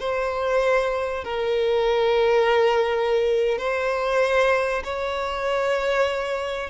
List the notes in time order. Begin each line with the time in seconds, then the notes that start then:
0.00 C5
1.24 A#4
3.59 C5
4.84 C#5